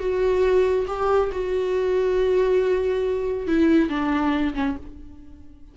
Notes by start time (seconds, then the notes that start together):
0.00 F#4
0.88 G4
1.32 F#4
3.48 E4
3.89 D4
4.55 C#4